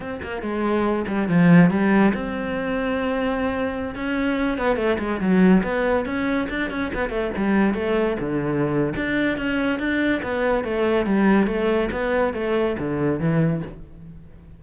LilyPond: \new Staff \with { instrumentName = "cello" } { \time 4/4 \tempo 4 = 141 c'8 ais8 gis4. g8 f4 | g4 c'2.~ | c'4~ c'16 cis'4. b8 a8 gis16~ | gis16 fis4 b4 cis'4 d'8 cis'16~ |
cis'16 b8 a8 g4 a4 d8.~ | d4 d'4 cis'4 d'4 | b4 a4 g4 a4 | b4 a4 d4 e4 | }